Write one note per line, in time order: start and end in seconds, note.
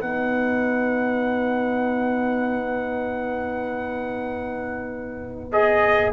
0.00 6.13 B3
0.00 5.51 D#4
0.00 6.12 B4
0.00 5.51 F#5
5.52 6.13 G#4
5.52 6.13 D#5